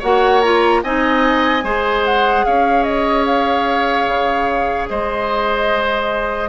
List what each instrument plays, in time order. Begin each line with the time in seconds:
0.00 bassoon A#3, clarinet F#4, oboe C#5, flute F#5
0.41 clarinet F4, flute A#5
0.83 bassoon C4, clarinet D#4, oboe D#5, flute G#5
1.62 bassoon G#3, clarinet G#4, oboe C5
2.05 flute F#5
2.45 bassoon C#4, oboe C#5, flute F5
2.84 flute D#5
3.26 flute F5
4.07 bassoon C#3
4.89 bassoon G#3, oboe C5, flute D#5